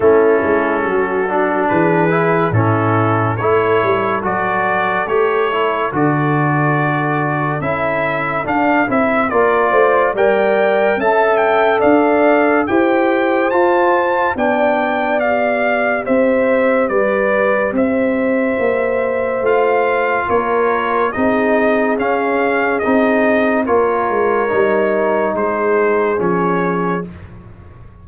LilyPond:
<<
  \new Staff \with { instrumentName = "trumpet" } { \time 4/4 \tempo 4 = 71 a'2 b'4 a'4 | cis''4 d''4 cis''4 d''4~ | d''4 e''4 f''8 e''8 d''4 | g''4 a''8 g''8 f''4 g''4 |
a''4 g''4 f''4 e''4 | d''4 e''2 f''4 | cis''4 dis''4 f''4 dis''4 | cis''2 c''4 cis''4 | }
  \new Staff \with { instrumentName = "horn" } { \time 4/4 e'4 fis'4 gis'4 e'4 | a'1~ | a'2. ais'8 c''8 | d''4 e''4 d''4 c''4~ |
c''4 d''2 c''4 | b'4 c''2. | ais'4 gis'2. | ais'2 gis'2 | }
  \new Staff \with { instrumentName = "trombone" } { \time 4/4 cis'4. d'4 e'8 cis'4 | e'4 fis'4 g'8 e'8 fis'4~ | fis'4 e'4 d'8 e'8 f'4 | ais'4 a'2 g'4 |
f'4 d'4 g'2~ | g'2. f'4~ | f'4 dis'4 cis'4 dis'4 | f'4 dis'2 cis'4 | }
  \new Staff \with { instrumentName = "tuba" } { \time 4/4 a8 gis8 fis4 e4 a,4 | a8 g8 fis4 a4 d4~ | d4 cis'4 d'8 c'8 ais8 a8 | g4 cis'4 d'4 e'4 |
f'4 b2 c'4 | g4 c'4 ais4 a4 | ais4 c'4 cis'4 c'4 | ais8 gis8 g4 gis4 f4 | }
>>